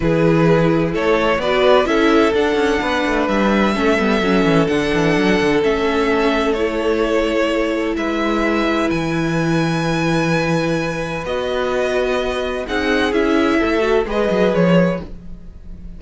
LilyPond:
<<
  \new Staff \with { instrumentName = "violin" } { \time 4/4 \tempo 4 = 128 b'2 cis''4 d''4 | e''4 fis''2 e''4~ | e''2 fis''2 | e''2 cis''2~ |
cis''4 e''2 gis''4~ | gis''1 | dis''2. fis''4 | e''2 dis''4 cis''4 | }
  \new Staff \with { instrumentName = "violin" } { \time 4/4 gis'2 a'4 b'4 | a'2 b'2 | a'1~ | a'1~ |
a'4 b'2.~ | b'1~ | b'2. gis'4~ | gis'4 a'4 b'2 | }
  \new Staff \with { instrumentName = "viola" } { \time 4/4 e'2. fis'4 | e'4 d'2. | cis'8 b8 cis'4 d'2 | cis'2 e'2~ |
e'1~ | e'1 | fis'2. dis'4 | e'4. fis'8 gis'2 | }
  \new Staff \with { instrumentName = "cello" } { \time 4/4 e2 a4 b4 | cis'4 d'8 cis'8 b8 a8 g4 | a8 g8 fis8 e8 d8 e8 fis8 d8 | a1~ |
a4 gis2 e4~ | e1 | b2. c'4 | cis'4 a4 gis8 fis8 f4 | }
>>